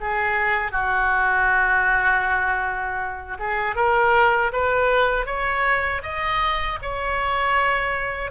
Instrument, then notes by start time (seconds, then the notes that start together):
oboe
0.00 G#4
0.71 F#4
3.39 G#4
3.75 A#4
4.52 B4
5.26 C#5
6.02 D#5
6.82 C#5